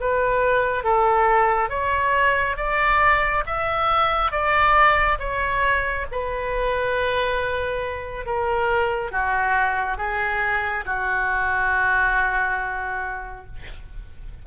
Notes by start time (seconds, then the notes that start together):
0.00 B4
0.83 A4
1.70 C#5
2.57 D5
3.46 E5
4.31 D5
5.19 C#5
6.11 B4
8.26 A#4
9.11 F#4
9.97 G#4
10.85 F#4